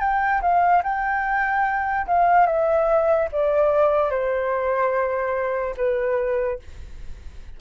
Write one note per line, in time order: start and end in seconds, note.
0.00 0.41 G5
0.41 0.83 F5
0.83 2.07 G5
2.07 2.47 F5
2.47 3.29 E5
3.32 4.10 D5
4.10 5.75 C5
5.77 6.59 B4